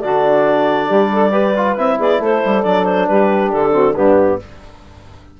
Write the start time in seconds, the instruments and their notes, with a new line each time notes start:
0.00 bassoon D3, trombone D4, saxophone F#4, clarinet D5
0.87 bassoon G3, saxophone G4
1.12 saxophone A4
1.30 trombone G4, saxophone B4
1.56 trombone F4
1.77 bassoon C4, trombone E4, clarinet E5
1.98 bassoon B3, saxophone G#4, clarinet D5
2.19 bassoon A3, saxophone A4, clarinet C5
2.45 bassoon G3
2.62 bassoon F#3, trombone D4, clarinet D5
2.84 clarinet C5
3.07 bassoon G3, saxophone G4, clarinet B4
3.51 bassoon D3, clarinet A4
3.72 trombone C4, saxophone F#4
3.95 bassoon G2, trombone B3, saxophone D4, clarinet G4